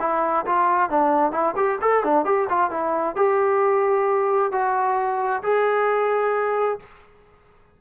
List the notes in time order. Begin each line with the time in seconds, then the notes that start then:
0.00 E4
0.46 F4
0.90 D4
1.32 E4
1.56 G4
1.81 A4
2.04 D4
2.25 G4
2.49 F4
2.70 E4
3.16 G4
4.52 F#4
5.43 G#4